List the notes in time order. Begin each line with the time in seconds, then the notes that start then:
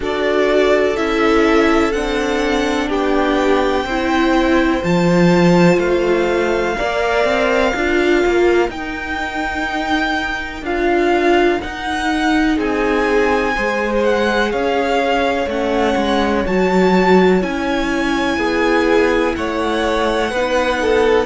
0.00 D4 F#4 A4 D5
0.96 C#4 E4 E5
1.92 C4 D4 F#5
2.88 B3 G4 G5
3.84 C4 E4 C5
4.83 F3 F4 A5
5.78 A3 F5
6.77 A#3 A#4 D5
7.24 C4
7.73 D4 F4 A#4
8.26 A#3
8.68 D#4 G5
10.61 D4 F4 F5
11.61 D#4 F#5
12.55 C4 G#4 G#5
13.55 G#3 G#4 C5
14.03 F#5
14.51 C#4 C#5 F5
15.46 A3 C#4 F#5
15.96 G#3
16.46 F#3 F#4 A5
17.41 C#4 E4 G#5
18.36 B3 G#4
19.35 A3 C#5 F#5
20.30 B3 D#4 B4
20.81 A4